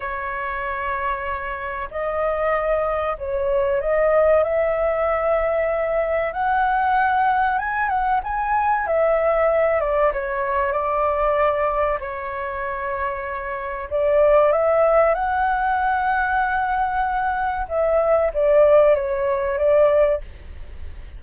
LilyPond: \new Staff \with { instrumentName = "flute" } { \time 4/4 \tempo 4 = 95 cis''2. dis''4~ | dis''4 cis''4 dis''4 e''4~ | e''2 fis''2 | gis''8 fis''8 gis''4 e''4. d''8 |
cis''4 d''2 cis''4~ | cis''2 d''4 e''4 | fis''1 | e''4 d''4 cis''4 d''4 | }